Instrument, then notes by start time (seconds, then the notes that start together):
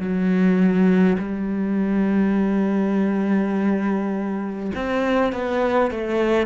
cello
0.00 F#3
1.19 G3
4.75 C4
5.33 B3
5.91 A3